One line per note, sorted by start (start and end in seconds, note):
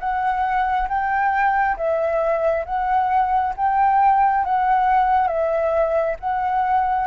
0.00 0.88 F#5
0.88 1.76 G5
1.77 2.65 E5
2.66 3.54 F#5
3.57 4.45 G5
4.45 5.27 F#5
5.27 6.16 E5
6.20 7.07 F#5